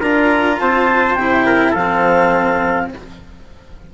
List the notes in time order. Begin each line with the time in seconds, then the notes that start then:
0.00 D4 F4 A#4 A#5
0.59 C4 C5 A5
1.15 C3 E4 G5
1.46 A#4
1.71 F3 A4 F5
1.79 C4